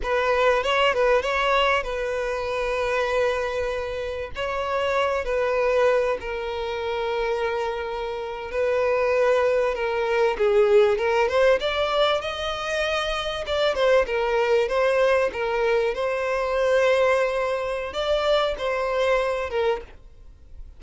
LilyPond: \new Staff \with { instrumentName = "violin" } { \time 4/4 \tempo 4 = 97 b'4 cis''8 b'8 cis''4 b'4~ | b'2. cis''4~ | cis''8 b'4. ais'2~ | ais'4.~ ais'16 b'2 ais'16~ |
ais'8. gis'4 ais'8 c''8 d''4 dis''16~ | dis''4.~ dis''16 d''8 c''8 ais'4 c''16~ | c''8. ais'4 c''2~ c''16~ | c''4 d''4 c''4. ais'8 | }